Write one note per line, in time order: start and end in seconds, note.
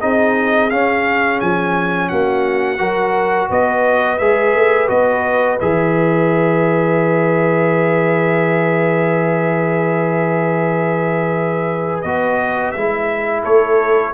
0.00 0.70 C4
0.00 0.70 D#4
0.00 2.09 G#4
0.00 0.70 D#5
0.70 1.40 C#4
0.70 2.78 C#4
0.70 1.39 F5
1.40 2.11 F3
1.40 2.08 G#5
2.08 2.79 A#3
2.08 2.79 F#4
2.08 3.48 F#5
2.78 3.49 F#3
2.78 4.17 F#4
2.78 3.49 A#4
3.49 4.19 B3
3.49 13.43 B4
3.49 4.18 D#5
4.18 4.54 G#3
4.18 4.87 G#4
4.18 4.88 E5
4.54 4.89 A3
4.87 5.59 B3
4.87 5.57 F#4
4.87 5.59 D#5
5.60 12.03 E3
5.60 12.05 G#4
5.60 12.01 E5
12.01 12.73 B3
12.01 12.75 F#4
12.01 12.71 D#5
12.71 13.44 G#3
12.71 14.14 E4
12.71 13.41 E5
13.43 14.14 A3
13.43 14.13 A4
13.43 14.14 C#5